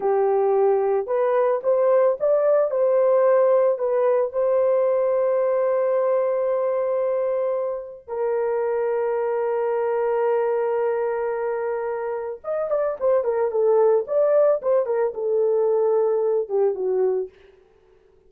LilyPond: \new Staff \with { instrumentName = "horn" } { \time 4/4 \tempo 4 = 111 g'2 b'4 c''4 | d''4 c''2 b'4 | c''1~ | c''2. ais'4~ |
ais'1~ | ais'2. dis''8 d''8 | c''8 ais'8 a'4 d''4 c''8 ais'8 | a'2~ a'8 g'8 fis'4 | }